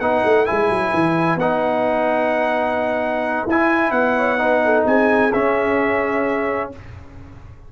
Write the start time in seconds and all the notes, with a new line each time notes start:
0.00 B3 D#4 B4 F#5
0.24 A3
0.46 G#3 E4 G#5
0.70 F#3
0.94 E3
1.35 B3 D#4 F#5
3.46 E4 G#5
3.91 B3 F#5
4.16 C#5
4.38 D#4 B4
4.65 A4
4.86 C4 G#4 G#5
5.32 C#4 E5